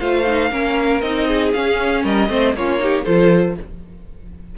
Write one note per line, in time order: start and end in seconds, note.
0.00 0.51 A3
0.00 0.26 F4
0.00 0.51 C5
0.00 1.01 F5
0.27 0.51 D#4
0.51 1.02 A#3
0.51 1.02 C#4
0.51 1.28 A#4
1.01 1.53 C4
1.01 1.55 D#4
1.01 1.52 D#5
1.28 2.04 G#4
1.53 2.29 C#4
1.53 2.04 C#4
1.53 2.04 F5
2.04 2.29 G3
2.04 2.30 A#4
2.04 2.56 D#5
2.29 2.55 A3
2.29 2.54 C4
2.29 2.56 C5
2.55 3.06 A#3
2.55 2.79 C#4
2.55 2.83 F4
2.55 3.05 C#5
2.79 3.05 D#4
2.79 3.05 G4
3.05 3.58 F3
3.05 3.58 F4
3.05 3.56 A4
3.05 3.56 C5